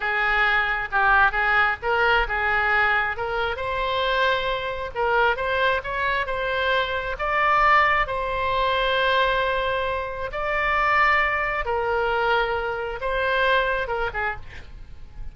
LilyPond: \new Staff \with { instrumentName = "oboe" } { \time 4/4 \tempo 4 = 134 gis'2 g'4 gis'4 | ais'4 gis'2 ais'4 | c''2. ais'4 | c''4 cis''4 c''2 |
d''2 c''2~ | c''2. d''4~ | d''2 ais'2~ | ais'4 c''2 ais'8 gis'8 | }